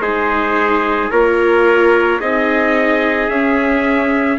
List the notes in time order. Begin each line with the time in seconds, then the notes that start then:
0.00 G#3 D#4 G#4 C5
1.10 A#3 F4 A#4 C#5
2.20 C4 D#4 G#4 D#5
3.28 C#4 E5